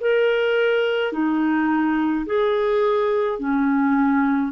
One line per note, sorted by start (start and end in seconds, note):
0.00 1.12 A#4
1.12 2.25 D#4
2.26 3.39 G#4
3.39 4.52 C#4